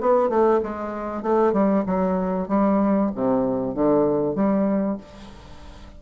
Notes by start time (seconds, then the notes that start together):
0.00 B3
0.29 A3
0.62 G#3
1.22 A3
1.53 G3
1.86 F#3
2.48 G3
3.14 C3
3.74 D3
4.35 G3